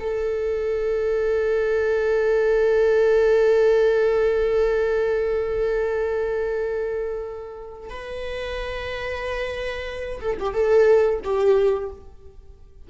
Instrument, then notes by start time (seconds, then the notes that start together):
viola
0.00 A4
7.90 B4
10.21 A4
10.40 G4
10.54 A4
11.24 G4